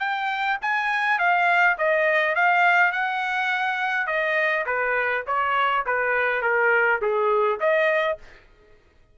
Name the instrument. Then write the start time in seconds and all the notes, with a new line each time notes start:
trumpet
0.00 G5
0.62 G#5
1.19 F5
1.78 D#5
2.36 F5
2.92 F#5
4.07 D#5
4.67 B4
5.27 C#5
5.86 B4
6.42 A#4
7.02 G#4
7.60 D#5